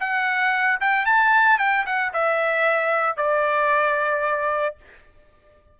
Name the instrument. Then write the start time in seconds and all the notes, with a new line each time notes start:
trumpet
0.00 F#5
0.80 G5
1.06 A5
1.59 G5
1.86 F#5
2.13 E5
3.17 D5